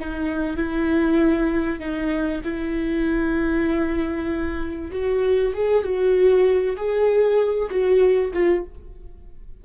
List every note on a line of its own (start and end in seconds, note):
0.00 0.57 D#4
0.57 1.79 E4
1.79 2.41 D#4
2.44 4.91 E4
4.91 5.53 F#4
5.54 5.83 G#4
5.83 6.76 F#4
6.77 7.70 G#4
7.70 8.32 F#4
8.34 8.65 F4